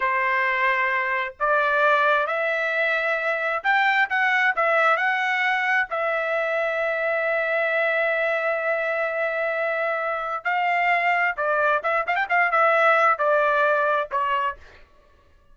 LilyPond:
\new Staff \with { instrumentName = "trumpet" } { \time 4/4 \tempo 4 = 132 c''2. d''4~ | d''4 e''2. | g''4 fis''4 e''4 fis''4~ | fis''4 e''2.~ |
e''1~ | e''2. f''4~ | f''4 d''4 e''8 f''16 g''16 f''8 e''8~ | e''4 d''2 cis''4 | }